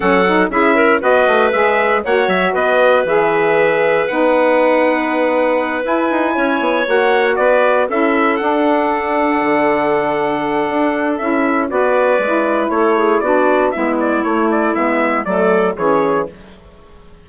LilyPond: <<
  \new Staff \with { instrumentName = "trumpet" } { \time 4/4 \tempo 4 = 118 fis''4 e''4 dis''4 e''4 | fis''8 e''8 dis''4 e''2 | fis''2.~ fis''8 gis''8~ | gis''4. fis''4 d''4 e''8~ |
e''8 fis''2.~ fis''8~ | fis''2 e''4 d''4~ | d''4 cis''4 d''4 e''8 d''8 | cis''8 d''8 e''4 d''4 cis''4 | }
  \new Staff \with { instrumentName = "clarinet" } { \time 4/4 a'4 gis'8 ais'8 b'2 | cis''4 b'2.~ | b'1~ | b'8 cis''2 b'4 a'8~ |
a'1~ | a'2. b'4~ | b'4 a'8 gis'8 fis'4 e'4~ | e'2 a'4 gis'4 | }
  \new Staff \with { instrumentName = "saxophone" } { \time 4/4 cis'8 dis'8 e'4 fis'4 gis'4 | fis'2 gis'2 | dis'2.~ dis'8 e'8~ | e'4. fis'2 e'8~ |
e'8 d'2.~ d'8~ | d'2 e'4 fis'4 | e'2 d'4 b4 | a4 b4 a4 cis'4 | }
  \new Staff \with { instrumentName = "bassoon" } { \time 4/4 fis4 cis'4 b8 a8 gis4 | ais8 fis8 b4 e2 | b2.~ b8 e'8 | dis'8 cis'8 b8 ais4 b4 cis'8~ |
cis'8 d'2 d4.~ | d4 d'4 cis'4 b4 | gis4 a4 b4 gis4 | a4 gis4 fis4 e4 | }
>>